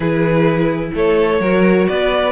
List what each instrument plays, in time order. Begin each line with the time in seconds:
0.00 cello E3, viola E4, violin G#4 B4
0.94 cello A3, violin A4 C#5
1.40 cello F#3, viola F#4, violin A#4
1.88 cello B3, violin B4 D5